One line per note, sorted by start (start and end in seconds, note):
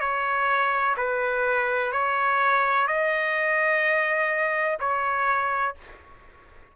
0.00 0.95 C#5
0.97 1.92 B4
1.92 2.87 C#5
2.87 4.78 D#5
4.80 5.75 C#5